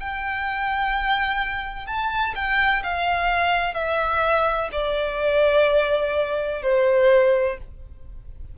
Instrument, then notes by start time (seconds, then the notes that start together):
violin
0.00 G5
1.87 A5
2.35 G5
2.83 F5
3.74 E5
4.72 D5
6.63 C5